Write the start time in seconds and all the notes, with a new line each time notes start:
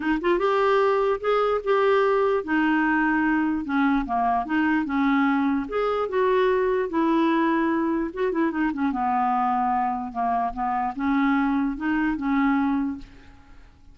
0.00 D#4
0.21 F4
0.39 G4
1.20 G#4
1.64 G4
2.43 D#4
3.64 C#4
4.05 A#3
4.45 D#4
4.85 C#4
5.68 G#4
6.08 F#4
6.89 E4
8.13 F#4
8.31 E4
8.51 D#4
8.73 C#4
8.92 B3
10.12 A#3
10.53 B3
10.95 C#4
11.76 D#4
12.16 C#4